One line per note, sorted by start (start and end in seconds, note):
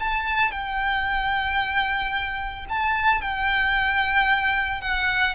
0.00 0.51 A5
0.51 2.66 G5
2.70 3.22 A5
3.22 4.81 G5
4.81 5.35 F#5